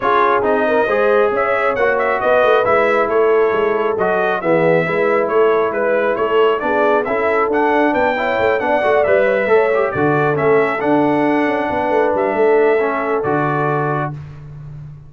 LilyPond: <<
  \new Staff \with { instrumentName = "trumpet" } { \time 4/4 \tempo 4 = 136 cis''4 dis''2 e''4 | fis''8 e''8 dis''4 e''4 cis''4~ | cis''4 dis''4 e''2 | cis''4 b'4 cis''4 d''4 |
e''4 fis''4 g''4. fis''8~ | fis''8 e''2 d''4 e''8~ | e''8 fis''2. e''8~ | e''2 d''2 | }
  \new Staff \with { instrumentName = "horn" } { \time 4/4 gis'4. ais'8 c''4 cis''4~ | cis''4 b'2 a'4~ | a'2 gis'4 b'4 | a'4 b'4 a'4 gis'4 |
a'2 b'8 cis''4 d''8~ | d''4 cis''16 b'16 cis''4 a'4.~ | a'2~ a'8 b'4. | a'1 | }
  \new Staff \with { instrumentName = "trombone" } { \time 4/4 f'4 dis'4 gis'2 | fis'2 e'2~ | e'4 fis'4 b4 e'4~ | e'2. d'4 |
e'4 d'4. e'4 d'8 | fis'8 b'4 a'8 g'8 fis'4 cis'8~ | cis'8 d'2.~ d'8~ | d'4 cis'4 fis'2 | }
  \new Staff \with { instrumentName = "tuba" } { \time 4/4 cis'4 c'4 gis4 cis'4 | ais4 b8 a8 gis4 a4 | gis4 fis4 e4 gis4 | a4 gis4 a4 b4 |
cis'4 d'4 b4 a8 b8 | a8 g4 a4 d4 a8~ | a8 d'4. cis'8 b8 a8 g8 | a2 d2 | }
>>